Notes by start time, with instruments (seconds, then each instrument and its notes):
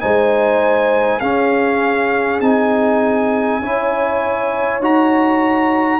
0.00 tuba G#3, trombone D#4, horn C5, trumpet G#5
1.20 tuba C#4, trombone C#4, horn G#4, trumpet F5
2.40 tuba C4, trombone D#4, trumpet G#5
3.59 tuba C#4, trombone E4, horn C#5
4.79 tuba D#4, trombone F#4, trumpet A#5